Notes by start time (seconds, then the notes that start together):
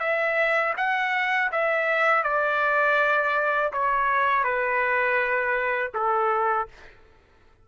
0.00 E5
0.77 F#5
1.52 E5
2.24 D5
3.73 C#5
4.44 B4
5.94 A4